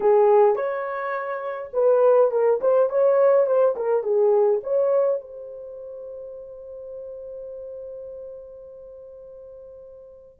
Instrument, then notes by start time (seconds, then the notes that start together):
horn
0.00 G#4
0.55 C#5
1.73 B4
2.31 A#4
2.60 C5
2.89 C#5
3.46 C5
3.76 A#4
4.03 G#4
4.63 C#5
5.21 C5